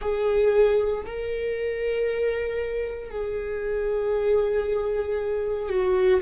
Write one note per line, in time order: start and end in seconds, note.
0.01 1.04 G#4
1.05 3.10 A#4
3.10 5.69 G#4
5.69 6.21 F#4